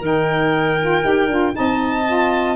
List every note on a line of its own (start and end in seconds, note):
0.00 1.02 D#3
0.00 0.78 D#4
0.00 1.53 A#4
0.00 1.56 G5
0.81 1.03 F4
1.03 1.28 D#4
1.03 1.28 G4
1.28 1.53 D4
1.28 1.53 F4
1.53 2.56 C4
1.53 2.04 D#4
1.53 2.56 D#5
1.53 2.56 A5
2.06 2.56 F4